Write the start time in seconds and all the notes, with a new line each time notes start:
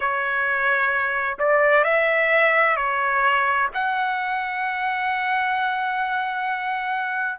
0.00 C#5
1.38 D5
1.84 E5
2.76 C#5
3.74 F#5